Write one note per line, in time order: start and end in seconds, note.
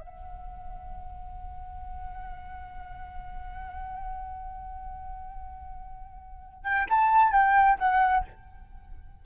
0.00 6.64 F#5
6.64 6.87 G5
6.89 7.32 A5
7.32 7.78 G5
7.78 8.24 F#5